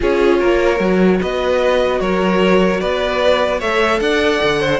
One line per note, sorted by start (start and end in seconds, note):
0.00 0.42 C#4
0.00 0.77 F4
0.00 0.39 G#4
0.00 1.21 C#5
0.39 0.79 A#3
0.39 1.19 A#4
0.79 1.19 F#3
0.79 3.60 F#4
1.21 2.00 B3
1.21 2.00 B4
1.21 2.00 D#5
2.00 2.80 F#3
2.00 2.80 A#4
2.00 2.80 C#5
2.80 3.61 B3
2.80 3.59 B4
2.80 3.60 D5
3.59 4.00 A3
3.59 4.79 A4
3.59 3.99 C#5
3.59 4.00 E5
4.00 4.40 D4
4.00 4.60 D5
4.00 4.79 F#5
4.43 4.79 D3
4.60 4.79 C5